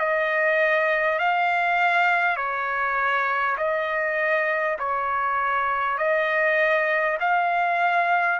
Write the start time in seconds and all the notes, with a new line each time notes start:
0.00 D#5
1.19 F5
2.37 C#5
3.58 D#5
4.79 C#5
5.99 D#5
7.21 F5